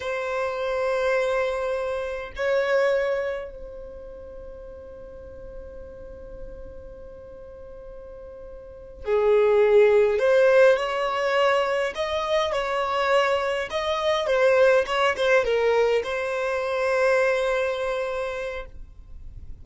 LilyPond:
\new Staff \with { instrumentName = "violin" } { \time 4/4 \tempo 4 = 103 c''1 | cis''2 c''2~ | c''1~ | c''2.~ c''8 gis'8~ |
gis'4. c''4 cis''4.~ | cis''8 dis''4 cis''2 dis''8~ | dis''8 c''4 cis''8 c''8 ais'4 c''8~ | c''1 | }